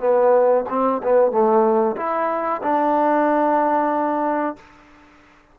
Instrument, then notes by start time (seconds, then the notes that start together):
trombone
0.00 B3
0.70 C4
1.03 B3
1.32 A3
1.97 E4
2.63 D4